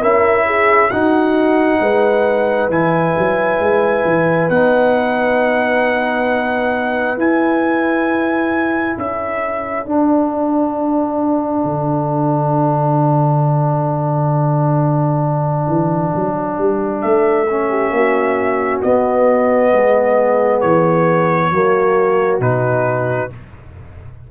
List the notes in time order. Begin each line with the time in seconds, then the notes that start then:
0.00 C#4 E4 A#4 E5
0.46 G#4
0.89 D#4 F#4 F#5
1.80 G#3 B4
2.69 E3 E4 G#5
3.18 F#3
3.59 G#3
4.04 E3
4.49 B3 D#4 F#5
7.17 E4 G#5
8.96 C#4 A4 E5
9.85 D4 F#5
11.64 D3
15.67 E3
16.15 F#3
16.58 G3
17.01 A3 E5
17.50 C#4
17.69 G4
17.90 A#3 F#4
18.82 B3 D#5
19.72 G#3 G#4
20.60 E3 C#5
21.51 F#3 A#3 F#4
22.40 B2 D#4 B4